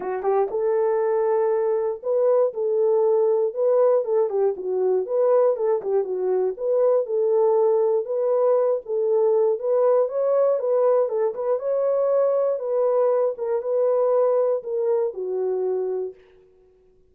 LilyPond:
\new Staff \with { instrumentName = "horn" } { \time 4/4 \tempo 4 = 119 fis'8 g'8 a'2. | b'4 a'2 b'4 | a'8 g'8 fis'4 b'4 a'8 g'8 | fis'4 b'4 a'2 |
b'4. a'4. b'4 | cis''4 b'4 a'8 b'8 cis''4~ | cis''4 b'4. ais'8 b'4~ | b'4 ais'4 fis'2 | }